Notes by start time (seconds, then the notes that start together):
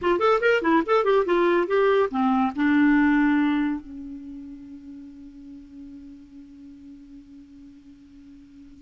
0.01 F4
0.19 A4
0.41 A#4
0.61 E4
0.86 A4
1.04 G4
1.25 F4
1.67 G4
2.10 C4
2.55 D4
3.81 C#4